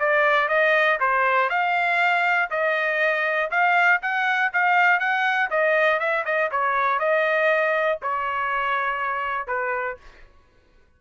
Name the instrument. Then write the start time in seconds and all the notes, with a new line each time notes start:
trumpet
0.00 D5
0.49 D#5
1.00 C5
1.50 F5
2.51 D#5
3.51 F5
4.03 F#5
4.54 F5
5.00 F#5
5.51 D#5
6.00 E5
6.26 D#5
6.52 C#5
7.00 D#5
8.03 C#5
9.47 B4